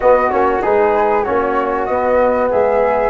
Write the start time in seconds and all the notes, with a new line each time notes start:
0.00 B3 F#4 D#5
0.30 A#3 C#4 C#5
0.61 G#3 D#4 G#4 B4
1.24 A#3 C#4 F#4 C#5
1.85 B3 D#5
2.50 G#3 G#4 E5